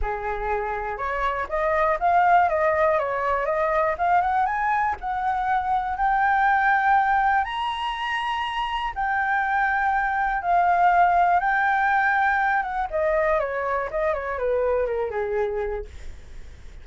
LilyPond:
\new Staff \with { instrumentName = "flute" } { \time 4/4 \tempo 4 = 121 gis'2 cis''4 dis''4 | f''4 dis''4 cis''4 dis''4 | f''8 fis''8 gis''4 fis''2 | g''2. ais''4~ |
ais''2 g''2~ | g''4 f''2 g''4~ | g''4. fis''8 dis''4 cis''4 | dis''8 cis''8 b'4 ais'8 gis'4. | }